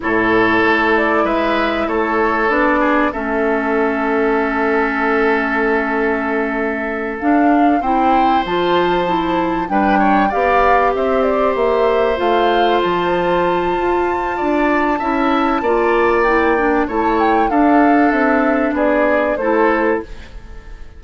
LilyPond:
<<
  \new Staff \with { instrumentName = "flute" } { \time 4/4 \tempo 4 = 96 cis''4. d''8 e''4 cis''4 | d''4 e''2.~ | e''2.~ e''8 f''8~ | f''8 g''4 a''2 g''8~ |
g''8 f''4 e''8 d''8 e''4 f''8~ | f''8 a''2.~ a''8~ | a''2 g''4 a''8 g''8 | f''4 e''4 d''4 c''4 | }
  \new Staff \with { instrumentName = "oboe" } { \time 4/4 a'2 b'4 a'4~ | a'8 gis'8 a'2.~ | a'1~ | a'8 c''2. b'8 |
cis''8 d''4 c''2~ c''8~ | c''2. d''4 | e''4 d''2 cis''4 | a'2 gis'4 a'4 | }
  \new Staff \with { instrumentName = "clarinet" } { \time 4/4 e'1 | d'4 cis'2.~ | cis'2.~ cis'8 d'8~ | d'8 e'4 f'4 e'4 d'8~ |
d'8 g'2. f'8~ | f'1 | e'4 f'4 e'8 d'8 e'4 | d'2. e'4 | }
  \new Staff \with { instrumentName = "bassoon" } { \time 4/4 a,4 a4 gis4 a4 | b4 a2.~ | a2.~ a8 d'8~ | d'8 c'4 f2 g8~ |
g8 b4 c'4 ais4 a8~ | a8 f4. f'4 d'4 | cis'4 ais2 a4 | d'4 c'4 b4 a4 | }
>>